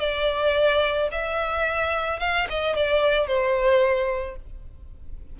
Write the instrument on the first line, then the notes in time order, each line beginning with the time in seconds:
violin
0.00 D5
1.12 E5
2.20 F5
2.50 D#5
2.76 D5
3.27 C5